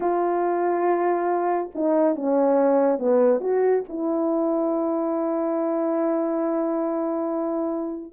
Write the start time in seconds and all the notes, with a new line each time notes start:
0.00 F4
1.74 D#4
2.15 C#4
2.98 B3
3.40 F#4
3.88 E4